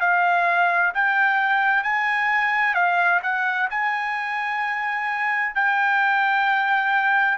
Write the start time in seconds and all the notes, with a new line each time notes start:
0.00 F5
0.94 G5
1.83 G#5
2.74 F5
3.22 F#5
3.70 G#5
5.55 G5